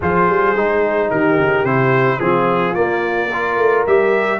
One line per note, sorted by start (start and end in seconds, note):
0.00 0.29 F3
0.00 0.56 F4
0.00 1.09 G#4
0.00 1.10 C5
0.29 0.55 G3
0.55 1.10 G#3
0.55 1.65 D#4
1.10 1.38 D#3
1.10 2.19 G4
1.10 1.65 A#4
1.38 1.63 C#3
1.63 2.18 C3
1.63 2.20 E4
1.63 2.19 C5
2.19 2.74 F3
2.19 2.74 C4
2.19 3.27 F4
2.19 2.74 G#4
2.74 3.29 A#3
2.74 3.57 A#3
2.74 3.84 D5
3.27 3.87 F4
3.27 4.37 A#4
3.57 3.84 A3
3.86 4.39 G3
3.86 4.39 G4
3.86 4.39 E5